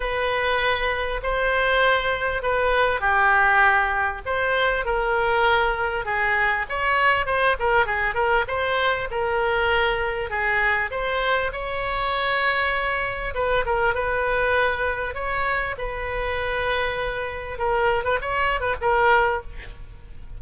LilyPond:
\new Staff \with { instrumentName = "oboe" } { \time 4/4 \tempo 4 = 99 b'2 c''2 | b'4 g'2 c''4 | ais'2 gis'4 cis''4 | c''8 ais'8 gis'8 ais'8 c''4 ais'4~ |
ais'4 gis'4 c''4 cis''4~ | cis''2 b'8 ais'8 b'4~ | b'4 cis''4 b'2~ | b'4 ais'8. b'16 cis''8. b'16 ais'4 | }